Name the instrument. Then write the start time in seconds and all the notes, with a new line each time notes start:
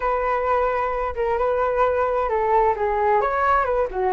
flute
0.00 B4
1.15 A#4
1.37 B4
2.29 A4
2.76 G#4
3.21 C#5
3.64 B4
3.90 F#4